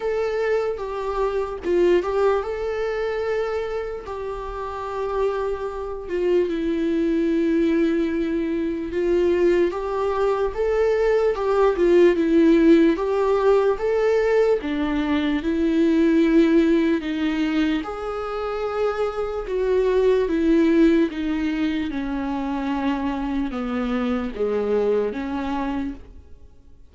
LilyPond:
\new Staff \with { instrumentName = "viola" } { \time 4/4 \tempo 4 = 74 a'4 g'4 f'8 g'8 a'4~ | a'4 g'2~ g'8 f'8 | e'2. f'4 | g'4 a'4 g'8 f'8 e'4 |
g'4 a'4 d'4 e'4~ | e'4 dis'4 gis'2 | fis'4 e'4 dis'4 cis'4~ | cis'4 b4 gis4 cis'4 | }